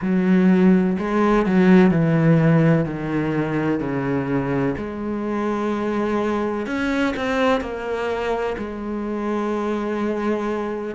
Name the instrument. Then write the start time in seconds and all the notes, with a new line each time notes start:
cello
0.01 F#3
0.98 G#3
1.45 F#3
1.90 E3
2.85 D#3
3.80 C#3
4.77 G#3
6.66 C#4
7.16 C4
7.61 A#3
8.57 G#3